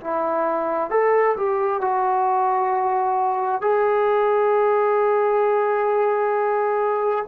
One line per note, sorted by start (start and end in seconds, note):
0.00 0.90 E4
0.90 1.36 A4
1.36 1.81 G4
1.81 3.61 F#4
3.61 7.25 G#4